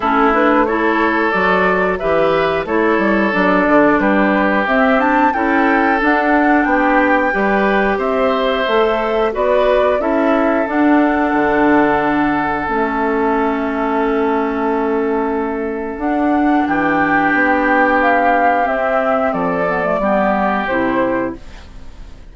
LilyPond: <<
  \new Staff \with { instrumentName = "flute" } { \time 4/4 \tempo 4 = 90 a'8 b'8 cis''4 d''4 e''4 | cis''4 d''4 b'4 e''8 a''8 | g''4 fis''4 g''2 | e''2 d''4 e''4 |
fis''2. e''4~ | e''1 | fis''4 g''2 f''4 | e''4 d''2 c''4 | }
  \new Staff \with { instrumentName = "oboe" } { \time 4/4 e'4 a'2 b'4 | a'2 g'2 | a'2 g'4 b'4 | c''2 b'4 a'4~ |
a'1~ | a'1~ | a'4 g'2.~ | g'4 a'4 g'2 | }
  \new Staff \with { instrumentName = "clarinet" } { \time 4/4 cis'8 d'8 e'4 fis'4 g'4 | e'4 d'2 c'8 d'8 | e'4 d'2 g'4~ | g'4 a'4 fis'4 e'4 |
d'2. cis'4~ | cis'1 | d'1 | c'4. b16 a16 b4 e'4 | }
  \new Staff \with { instrumentName = "bassoon" } { \time 4/4 a2 fis4 e4 | a8 g8 fis8 d8 g4 c'4 | cis'4 d'4 b4 g4 | c'4 a4 b4 cis'4 |
d'4 d2 a4~ | a1 | d'4 e4 b2 | c'4 f4 g4 c4 | }
>>